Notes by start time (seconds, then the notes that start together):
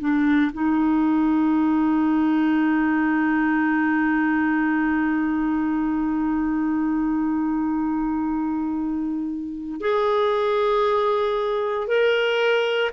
0.00 D4
0.53 D#4
9.81 G#4
11.88 A#4